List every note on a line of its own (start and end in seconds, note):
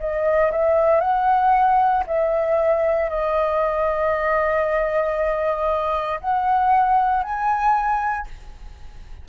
0.00 0.52 D#5
0.52 1.01 E5
1.01 2.04 F#5
2.07 3.10 E5
3.10 6.20 D#5
6.21 7.24 F#5
7.24 8.27 G#5